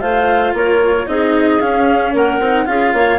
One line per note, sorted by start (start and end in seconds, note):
0.00 0.53 A3
0.00 1.06 F4
0.00 0.54 C5
0.00 0.53 F5
0.53 1.06 A#3
0.53 1.08 A#4
0.53 1.07 C#5
1.06 1.60 C4
1.06 1.59 D#4
1.06 2.12 G#4
1.06 1.60 D#5
1.60 2.41 C#4
1.60 2.14 C#4
1.60 2.13 F5
2.12 2.39 A#3
2.12 2.65 A#4
2.12 2.66 F#5
2.39 2.66 C4
2.39 2.65 D#4
2.65 2.93 C#4
2.65 3.18 F4
2.65 2.94 G#4
2.65 3.19 F5
2.93 3.19 A#3
2.93 3.19 C#5